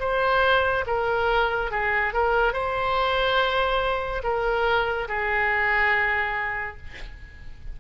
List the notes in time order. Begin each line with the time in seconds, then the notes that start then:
0.00 C5
0.87 A#4
1.71 G#4
2.13 A#4
2.53 C5
4.23 A#4
5.08 G#4